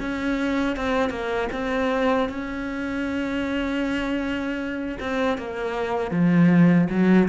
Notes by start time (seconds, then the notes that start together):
0.00 C#4
0.77 C4
1.10 A#3
1.52 C4
2.29 C#4
5.00 C4
5.38 A#3
6.12 F3
6.90 F#3